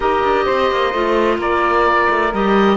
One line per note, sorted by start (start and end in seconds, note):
0.00 0.22 D#4
0.00 0.93 G4
0.00 0.44 A#4
0.00 1.39 D#5
0.23 0.46 D4
0.44 0.71 C4
0.44 1.37 C5
0.71 0.93 A#3
0.93 1.37 A3
0.93 2.33 F4
1.37 2.07 A#3
1.37 2.76 A#4
1.37 2.34 D5
2.09 2.33 A3
2.33 2.76 G3
2.33 2.76 G4
2.33 2.76 D#5